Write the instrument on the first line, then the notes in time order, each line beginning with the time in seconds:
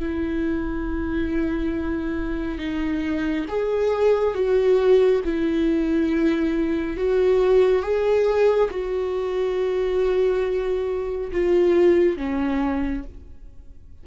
viola
0.00 E4
2.59 D#4
3.49 G#4
4.35 F#4
5.25 E4
6.97 F#4
7.83 G#4
8.71 F#4
11.32 F4
12.17 C#4